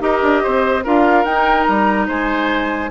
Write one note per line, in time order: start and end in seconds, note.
0.00 0.21 D#4
0.00 0.83 G4
0.00 0.43 A#4
0.00 0.84 D#5
0.22 0.43 D4
0.43 0.85 C4
0.43 0.84 C5
0.84 1.25 D4
0.84 1.26 F4
0.84 2.07 A#4
0.84 1.25 F5
1.25 1.66 D#4
1.25 2.91 D#4
1.25 1.63 G5
1.63 2.08 G3
1.63 2.04 A#5
2.07 2.91 G#3
2.07 2.90 C5
2.07 2.91 G#5